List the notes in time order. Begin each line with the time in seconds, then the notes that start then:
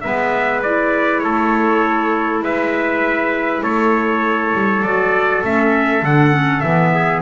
0.00 G#3 B3 B4 E5
0.62 E4 D5
1.19 A3 A4 C#5
2.42 G#3 B4 E5
3.62 A3 A4 C#5
4.53 G3
4.82 F#3 F#4 D5
5.43 A3 C#4 E5
6.02 D3 D4 F#5
6.31 C#4
6.60 E3 B3 E5
6.94 G#4